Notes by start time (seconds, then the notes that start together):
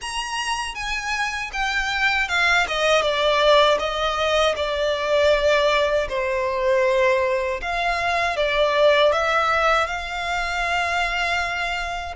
0.01 A#5
0.75 G#5
1.52 G5
2.28 F5
2.67 D#5
3.02 D5
3.79 D#5
4.56 D5
6.08 C5
7.61 F5
8.36 D5
9.12 E5
9.86 F5